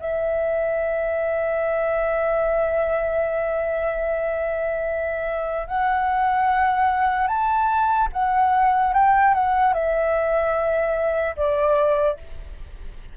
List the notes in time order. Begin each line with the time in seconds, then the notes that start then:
0.00 E5
5.68 F#5
7.28 A5
8.13 F#5
8.94 G5
9.35 F#5
9.74 E5
11.36 D5